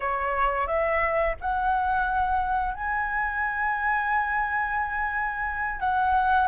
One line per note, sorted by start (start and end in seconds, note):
0.00 0.67 C#5
0.67 1.35 E5
1.40 2.74 F#5
2.74 5.80 G#5
5.80 6.47 F#5